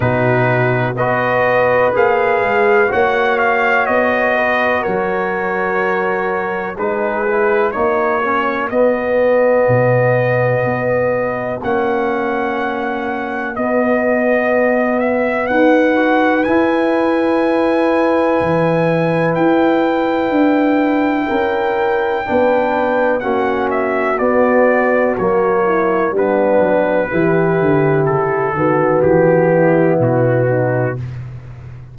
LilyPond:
<<
  \new Staff \with { instrumentName = "trumpet" } { \time 4/4 \tempo 4 = 62 b'4 dis''4 f''4 fis''8 f''8 | dis''4 cis''2 b'4 | cis''4 dis''2. | fis''2 dis''4. e''8 |
fis''4 gis''2. | g''1 | fis''8 e''8 d''4 cis''4 b'4~ | b'4 a'4 g'4 fis'4 | }
  \new Staff \with { instrumentName = "horn" } { \time 4/4 fis'4 b'2 cis''4~ | cis''8 b'8 ais'2 gis'4 | fis'1~ | fis'1 |
b'1~ | b'2 ais'4 b'4 | fis'2~ fis'8 e'8 d'4 | g'4. fis'4 e'4 dis'8 | }
  \new Staff \with { instrumentName = "trombone" } { \time 4/4 dis'4 fis'4 gis'4 fis'4~ | fis'2. dis'8 e'8 | dis'8 cis'8 b2. | cis'2 b2~ |
b8 fis'8 e'2.~ | e'2. d'4 | cis'4 b4 ais4 b4 | e'4. b2~ b8 | }
  \new Staff \with { instrumentName = "tuba" } { \time 4/4 b,4 b4 ais8 gis8 ais4 | b4 fis2 gis4 | ais4 b4 b,4 b4 | ais2 b2 |
dis'4 e'2 e4 | e'4 d'4 cis'4 b4 | ais4 b4 fis4 g8 fis8 | e8 d8 cis8 dis8 e4 b,4 | }
>>